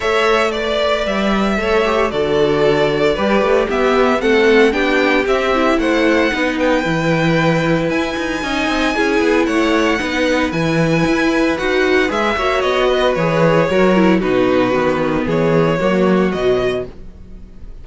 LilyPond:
<<
  \new Staff \with { instrumentName = "violin" } { \time 4/4 \tempo 4 = 114 e''4 d''4 e''2 | d''2. e''4 | fis''4 g''4 e''4 fis''4~ | fis''8 g''2~ g''8 gis''4~ |
gis''2 fis''2 | gis''2 fis''4 e''4 | dis''4 cis''2 b'4~ | b'4 cis''2 dis''4 | }
  \new Staff \with { instrumentName = "violin" } { \time 4/4 cis''4 d''2 cis''4 | a'2 b'4 g'4 | a'4 g'2 c''4 | b'1 |
dis''4 gis'4 cis''4 b'4~ | b'2.~ b'8 cis''8~ | cis''8 b'4. ais'4 fis'4~ | fis'4 gis'4 fis'2 | }
  \new Staff \with { instrumentName = "viola" } { \time 4/4 a'4 b'2 a'8 g'8 | fis'2 g'4 b4 | c'4 d'4 c'8 e'4. | dis'4 e'2. |
dis'4 e'2 dis'4 | e'2 fis'4 gis'8 fis'8~ | fis'4 gis'4 fis'8 e'8 dis'4 | b2 ais4 fis4 | }
  \new Staff \with { instrumentName = "cello" } { \time 4/4 a2 g4 a4 | d2 g8 a8 b4 | a4 b4 c'4 a4 | b4 e2 e'8 dis'8 |
cis'8 c'8 cis'8 b8 a4 b4 | e4 e'4 dis'4 gis8 ais8 | b4 e4 fis4 b,4 | dis4 e4 fis4 b,4 | }
>>